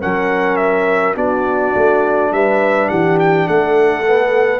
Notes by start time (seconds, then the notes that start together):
0.00 F#3 C#4 A#4 F#5
0.57 E5
1.15 B3 D4 F#4 D5
1.75 A3
2.32 G3 B4 E5
2.89 E3 G4 F#5
3.19 G5
3.47 A3 A4 F#5
4.07 B3